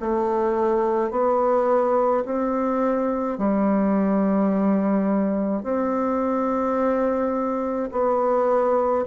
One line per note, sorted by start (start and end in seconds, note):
0.00 1.11 A3
1.11 2.24 B3
2.25 3.38 C4
3.38 5.63 G3
5.63 7.90 C4
7.91 9.05 B3